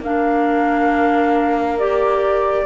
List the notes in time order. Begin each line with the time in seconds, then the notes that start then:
0.00 A#3 D4 A#4 F5
1.78 G4 D5